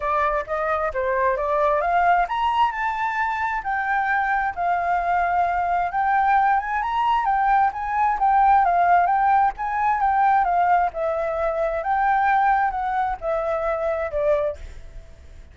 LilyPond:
\new Staff \with { instrumentName = "flute" } { \time 4/4 \tempo 4 = 132 d''4 dis''4 c''4 d''4 | f''4 ais''4 a''2 | g''2 f''2~ | f''4 g''4. gis''8 ais''4 |
g''4 gis''4 g''4 f''4 | g''4 gis''4 g''4 f''4 | e''2 g''2 | fis''4 e''2 d''4 | }